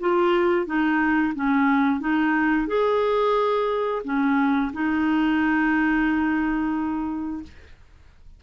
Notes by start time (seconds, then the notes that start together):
0.00 F4
0.66 D#4
1.35 C#4
2.00 D#4
2.67 G#4
4.04 C#4
4.73 D#4